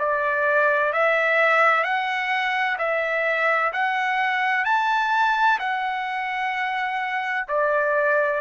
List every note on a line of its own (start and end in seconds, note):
0.00 0.93 D5
0.93 1.84 E5
1.84 2.78 F#5
2.79 3.73 E5
3.73 4.65 F#5
4.65 5.59 A5
5.60 7.47 F#5
7.48 8.42 D5